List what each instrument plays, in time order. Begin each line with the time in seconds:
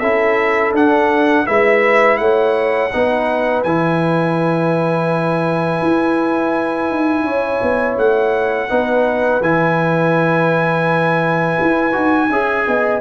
0.00 tuba C#4, trombone E4, horn A4, trumpet E5
0.73 tuba D4, trombone D4, trumpet F#5
1.46 tuba G#3, trombone E4, horn B4, trumpet E5
2.18 tuba A3, horn C#5, trumpet F#5
2.93 tuba B3, trombone D#4, horn B4
3.64 tuba E3, trombone E4, trumpet G#5
5.83 tuba E4
6.91 tuba D#4
7.24 tuba C#4, horn C#5
7.62 tuba B3
7.98 tuba A3, trumpet F#5
8.70 tuba B3, trombone D#4, horn B4
9.41 tuba E3, trombone E4, trumpet G#5
11.61 tuba E4
11.93 tuba D#4, trombone F#4
12.30 tuba C#4, trombone G#4, horn E5
12.68 tuba B3, horn D#5